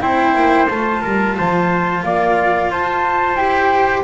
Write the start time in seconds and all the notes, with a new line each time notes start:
0.00 C4 E4 C5 G5
0.35 A#3
0.69 A3 F4 A5
1.01 G3 A#4
1.37 F3 C5
2.03 A#3 D5 F5
2.70 F4 C5 A5
3.35 E4 G4 G5